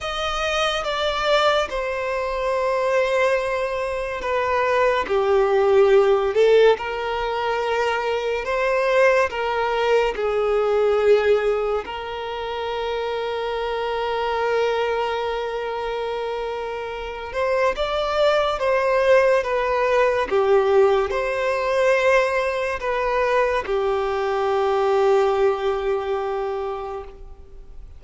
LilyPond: \new Staff \with { instrumentName = "violin" } { \time 4/4 \tempo 4 = 71 dis''4 d''4 c''2~ | c''4 b'4 g'4. a'8 | ais'2 c''4 ais'4 | gis'2 ais'2~ |
ais'1~ | ais'8 c''8 d''4 c''4 b'4 | g'4 c''2 b'4 | g'1 | }